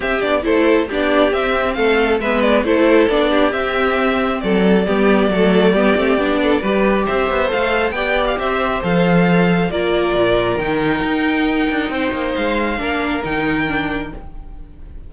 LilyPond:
<<
  \new Staff \with { instrumentName = "violin" } { \time 4/4 \tempo 4 = 136 e''8 d''8 c''4 d''4 e''4 | f''4 e''8 d''8 c''4 d''4 | e''2 d''2~ | d''1 |
e''4 f''4 g''8. f''16 e''4 | f''2 d''2 | g''1 | f''2 g''2 | }
  \new Staff \with { instrumentName = "violin" } { \time 4/4 g'4 a'4 g'2 | a'4 b'4 a'4. g'8~ | g'2 a'4 g'4 | a'4 g'4. a'8 b'4 |
c''2 d''4 c''4~ | c''2 ais'2~ | ais'2. c''4~ | c''4 ais'2. | }
  \new Staff \with { instrumentName = "viola" } { \time 4/4 c'8 d'8 e'4 d'4 c'4~ | c'4 b4 e'4 d'4 | c'2. b4 | a4 b8 c'8 d'4 g'4~ |
g'4 a'4 g'2 | a'2 f'2 | dis'1~ | dis'4 d'4 dis'4 d'4 | }
  \new Staff \with { instrumentName = "cello" } { \time 4/4 c'8 b8 a4 b4 c'4 | a4 gis4 a4 b4 | c'2 fis4 g4 | fis4 g8 a8 b4 g4 |
c'8 b8 a4 b4 c'4 | f2 ais4 ais,4 | dis4 dis'4. d'8 c'8 ais8 | gis4 ais4 dis2 | }
>>